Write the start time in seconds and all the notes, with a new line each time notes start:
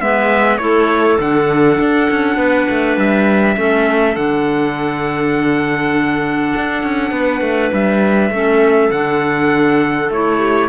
0.00 G#3 B3 B4 E5
0.58 A3 E4 A4 C#5
1.19 D3 D4 F#5
1.80 D4
2.11 C#4
2.37 B3 B4
2.70 A3
2.97 G3 E5
3.56 A3 C#4 A4
4.15 D3 D4 F#5
6.56 D4
6.83 C#4
7.11 B3 B4
7.41 A3
7.73 G3 E5
8.30 A3 C#4 A4
8.91 D3 D4 F#5
10.10 A3 E4 C#5
10.38 G4